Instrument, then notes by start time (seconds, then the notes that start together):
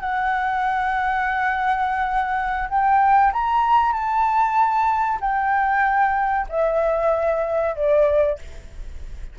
flute
0.00 F#5
2.69 G5
3.32 A#5
3.92 A5
5.20 G5
6.49 E5
7.75 D5